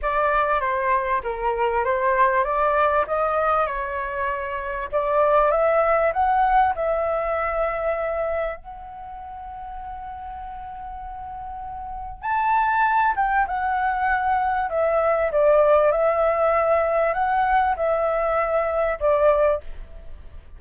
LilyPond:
\new Staff \with { instrumentName = "flute" } { \time 4/4 \tempo 4 = 98 d''4 c''4 ais'4 c''4 | d''4 dis''4 cis''2 | d''4 e''4 fis''4 e''4~ | e''2 fis''2~ |
fis''1 | a''4. g''8 fis''2 | e''4 d''4 e''2 | fis''4 e''2 d''4 | }